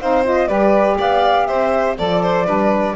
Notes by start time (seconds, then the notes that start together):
0.00 C4 D#4 C5 F5
0.25 F4 D#5
0.47 G3 G4 B4 D5
0.98 B3 D5 F5
1.46 C4 C5 E5
1.98 F3 A4 D5
2.23 C5
2.45 G3 D4 B4